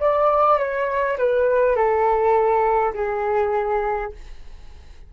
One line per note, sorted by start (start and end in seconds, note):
0.00 0.58 D5
0.58 1.17 C#5
1.18 1.76 B4
1.76 2.94 A4
2.94 4.12 G#4